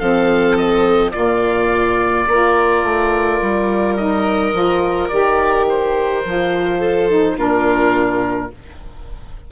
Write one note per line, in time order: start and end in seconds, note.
0.00 1.14 F3
0.00 1.13 C4
0.00 1.13 A4
0.00 0.57 F5
0.57 1.12 D#5
1.12 2.28 A#2
1.12 2.26 A#3
1.12 2.28 F4
1.12 3.95 D5
2.28 2.83 A#3
2.28 3.98 F4
2.28 6.78 A#4
2.83 3.40 A3
3.42 4.54 G3
3.97 4.53 D#4
3.97 5.09 D#5
4.53 5.10 F3
4.53 5.10 F4
5.09 6.25 D#3
5.09 6.24 G4
5.09 5.66 D5
5.69 7.38 C5
6.25 7.37 F3
6.25 7.10 F4
6.78 7.34 A4
7.10 7.38 D#4
7.37 8.51 A#2
7.37 8.51 D4
7.37 8.51 F4
7.37 8.52 A#4